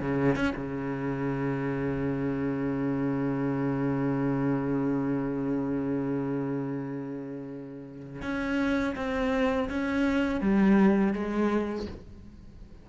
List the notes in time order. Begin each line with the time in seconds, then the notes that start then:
0.00 C#3
0.35 C#4
0.56 C#3
8.22 C#4
8.95 C4
9.69 C#4
10.41 G3
11.13 G#3